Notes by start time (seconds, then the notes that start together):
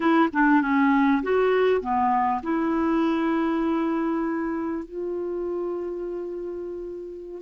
0.00 E4
0.33 D4
0.61 C#4
1.22 F#4
1.81 B3
2.42 E4
4.85 F4